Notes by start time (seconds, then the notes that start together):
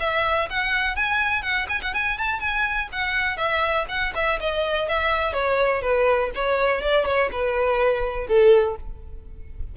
0.00 E5
0.50 F#5
0.96 G#5
1.42 F#5
1.69 G#5
1.82 F#5
1.94 G#5
2.18 A5
2.40 G#5
2.92 F#5
3.37 E5
3.89 F#5
4.16 E5
4.41 D#5
4.89 E5
5.33 C#5
5.82 B4
6.35 C#5
6.82 D5
7.06 C#5
7.32 B4
8.28 A4